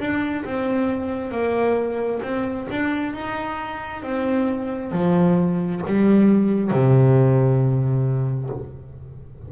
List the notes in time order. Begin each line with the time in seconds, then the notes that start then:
0.00 D4
0.45 C4
1.32 A#3
2.23 C4
2.71 D4
3.14 D#4
4.03 C4
4.93 F3
5.87 G3
6.71 C3